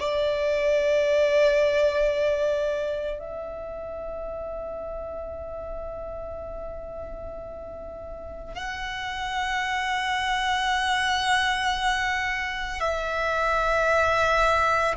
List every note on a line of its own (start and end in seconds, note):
0.00 3.19 D5
3.19 8.55 E5
8.55 12.81 F#5
12.81 14.95 E5